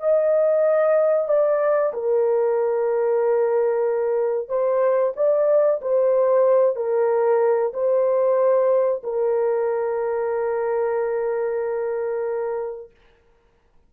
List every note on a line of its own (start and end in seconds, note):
0.00 1.28 D#5
1.28 1.93 D5
1.94 4.49 A#4
4.49 5.14 C5
5.16 5.81 D5
5.82 6.76 C5
6.76 7.73 A#4
7.74 9.03 C5
9.04 12.91 A#4